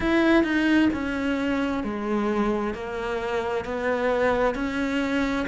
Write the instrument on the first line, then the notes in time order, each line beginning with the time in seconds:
cello
0.00 E4
0.43 D#4
0.93 C#4
1.83 G#3
2.74 A#3
3.64 B3
4.55 C#4